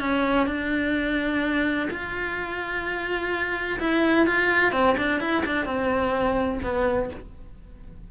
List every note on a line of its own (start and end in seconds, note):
0.00 0.47 C#4
0.47 1.89 D4
1.91 3.80 F4
3.80 4.27 E4
4.27 4.73 F4
4.73 4.96 C4
4.98 5.21 D4
5.21 5.44 E4
5.46 5.66 D4
5.66 6.60 C4
6.63 7.10 B3